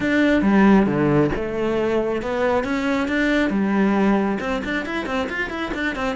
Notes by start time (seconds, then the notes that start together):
0.00 D4
0.42 G3
0.86 D3
1.35 A3
2.22 B3
2.64 C#4
3.07 D4
3.50 G3
4.40 C4
4.64 D4
4.85 E4
5.05 C4
5.29 F4
5.49 E4
5.74 D4
5.95 C4